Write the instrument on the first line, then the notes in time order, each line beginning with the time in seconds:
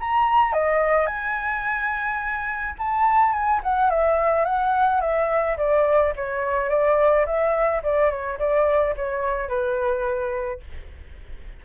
flute
0.00 A#5
0.53 D#5
1.07 G#5
2.79 A5
3.33 G#5
3.63 F#5
3.90 E5
4.45 F#5
5.01 E5
5.57 D5
6.16 C#5
6.69 D5
7.26 E5
7.83 D5
8.10 C#5
8.39 D5
8.97 C#5
9.48 B4